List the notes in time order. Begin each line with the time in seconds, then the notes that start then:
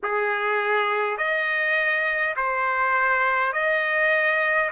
0.02 G#4
1.17 D#5
2.36 C5
3.52 D#5